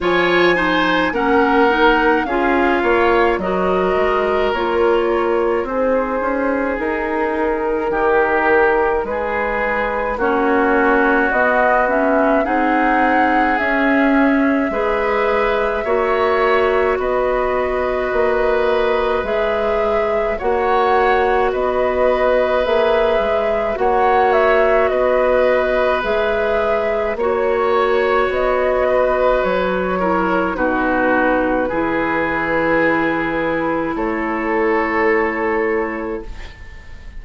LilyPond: <<
  \new Staff \with { instrumentName = "flute" } { \time 4/4 \tempo 4 = 53 gis''4 fis''4 f''4 dis''4 | cis''4 c''4 ais'2 | b'4 cis''4 dis''8 e''8 fis''4 | e''2. dis''4~ |
dis''4 e''4 fis''4 dis''4 | e''4 fis''8 e''8 dis''4 e''4 | cis''4 dis''4 cis''4 b'4~ | b'2 cis''2 | }
  \new Staff \with { instrumentName = "oboe" } { \time 4/4 cis''8 c''8 ais'4 gis'8 cis''8 ais'4~ | ais'4 gis'2 g'4 | gis'4 fis'2 gis'4~ | gis'4 b'4 cis''4 b'4~ |
b'2 cis''4 b'4~ | b'4 cis''4 b'2 | cis''4. b'4 ais'8 fis'4 | gis'2 a'2 | }
  \new Staff \with { instrumentName = "clarinet" } { \time 4/4 f'8 dis'8 cis'8 dis'8 f'4 fis'4 | f'4 dis'2.~ | dis'4 cis'4 b8 cis'8 dis'4 | cis'4 gis'4 fis'2~ |
fis'4 gis'4 fis'2 | gis'4 fis'2 gis'4 | fis'2~ fis'8 e'8 dis'4 | e'1 | }
  \new Staff \with { instrumentName = "bassoon" } { \time 4/4 f4 ais4 cis'8 ais8 fis8 gis8 | ais4 c'8 cis'8 dis'4 dis4 | gis4 ais4 b4 c'4 | cis'4 gis4 ais4 b4 |
ais4 gis4 ais4 b4 | ais8 gis8 ais4 b4 gis4 | ais4 b4 fis4 b,4 | e2 a2 | }
>>